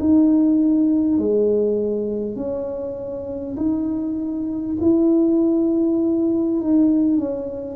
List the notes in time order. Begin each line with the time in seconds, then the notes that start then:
0.00 D#4
1.19 G#3
2.36 C#4
3.57 D#4
4.81 E4
6.61 D#4
7.18 C#4